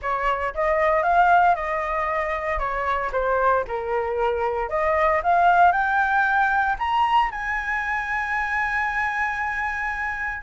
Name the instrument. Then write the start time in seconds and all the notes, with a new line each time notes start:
flute
0.01 C#5
0.54 D#5
1.02 F5
1.55 D#5
2.58 C#5
3.12 C5
3.67 A#4
4.69 D#5
5.23 F5
5.71 G5
6.78 A#5
7.31 G#5